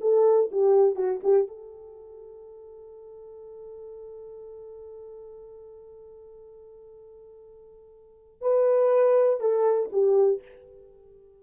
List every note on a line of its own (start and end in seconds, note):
0.00 0.50 A4
0.51 0.95 G4
0.95 1.20 F#4
1.23 1.47 G4
1.47 8.41 A4
8.41 9.40 B4
9.40 9.89 A4
9.92 10.41 G4